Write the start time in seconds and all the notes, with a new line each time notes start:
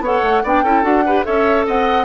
0.00 B3 A4 C#5 F#5
0.23 A3
0.43 B3 D4 D5 G5
0.63 C#4 E4 A4
0.83 D4 F#4 F#5
1.06 G4 B4
1.24 C#4 A4 C#5 E5
1.66 C4 D#5 F#5